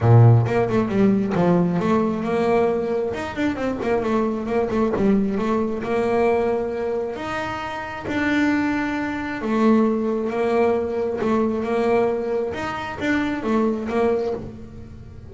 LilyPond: \new Staff \with { instrumentName = "double bass" } { \time 4/4 \tempo 4 = 134 ais,4 ais8 a8 g4 f4 | a4 ais2 dis'8 d'8 | c'8 ais8 a4 ais8 a8 g4 | a4 ais2. |
dis'2 d'2~ | d'4 a2 ais4~ | ais4 a4 ais2 | dis'4 d'4 a4 ais4 | }